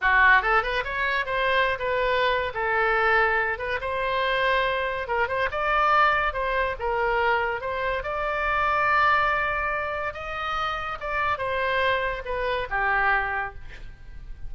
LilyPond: \new Staff \with { instrumentName = "oboe" } { \time 4/4 \tempo 4 = 142 fis'4 a'8 b'8 cis''4 c''4~ | c''16 b'4.~ b'16 a'2~ | a'8 b'8 c''2. | ais'8 c''8 d''2 c''4 |
ais'2 c''4 d''4~ | d''1 | dis''2 d''4 c''4~ | c''4 b'4 g'2 | }